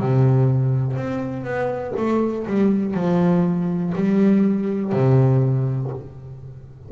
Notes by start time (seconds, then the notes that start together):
0.00 C3
0.97 C4
1.44 B3
1.97 A3
2.47 G3
2.95 F3
3.95 G3
4.93 C3